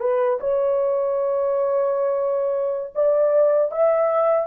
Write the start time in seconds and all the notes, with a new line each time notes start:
0.00 B4
0.40 C#5
2.95 D5
3.71 E5